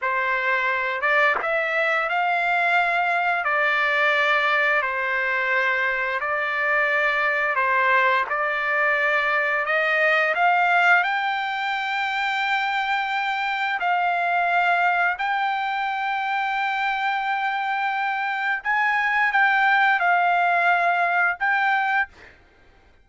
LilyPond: \new Staff \with { instrumentName = "trumpet" } { \time 4/4 \tempo 4 = 87 c''4. d''8 e''4 f''4~ | f''4 d''2 c''4~ | c''4 d''2 c''4 | d''2 dis''4 f''4 |
g''1 | f''2 g''2~ | g''2. gis''4 | g''4 f''2 g''4 | }